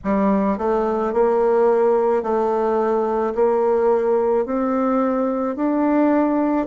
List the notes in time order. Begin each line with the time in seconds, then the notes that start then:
0.04 G3
0.58 A3
1.13 A#3
2.22 A3
3.34 A#3
4.45 C4
5.56 D4